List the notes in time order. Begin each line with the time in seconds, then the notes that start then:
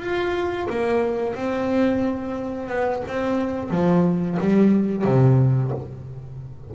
0.00 F4
0.70 A#3
1.35 C4
2.69 B3
3.07 C4
3.70 F3
4.40 G3
5.04 C3